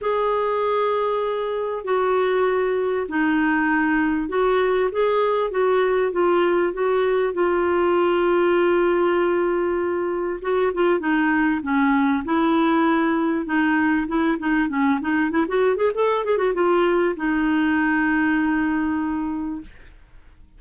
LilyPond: \new Staff \with { instrumentName = "clarinet" } { \time 4/4 \tempo 4 = 98 gis'2. fis'4~ | fis'4 dis'2 fis'4 | gis'4 fis'4 f'4 fis'4 | f'1~ |
f'4 fis'8 f'8 dis'4 cis'4 | e'2 dis'4 e'8 dis'8 | cis'8 dis'8 e'16 fis'8 gis'16 a'8 gis'16 fis'16 f'4 | dis'1 | }